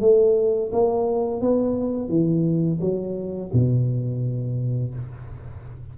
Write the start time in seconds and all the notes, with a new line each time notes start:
0.00 A3
0.72 A#3
1.41 B3
2.08 E3
2.80 F#3
3.53 B2